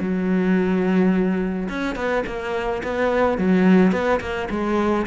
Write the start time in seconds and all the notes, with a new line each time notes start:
0.00 F#3
1.69 C#4
1.96 B3
2.26 A#3
2.83 B3
3.38 F#3
3.92 B3
4.21 A#3
4.50 G#3